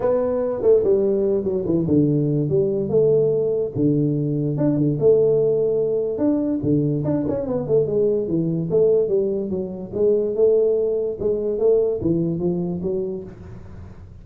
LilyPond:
\new Staff \with { instrumentName = "tuba" } { \time 4/4 \tempo 4 = 145 b4. a8 g4. fis8 | e8 d4. g4 a4~ | a4 d2 d'8 d8 | a2. d'4 |
d4 d'8 cis'8 b8 a8 gis4 | e4 a4 g4 fis4 | gis4 a2 gis4 | a4 e4 f4 fis4 | }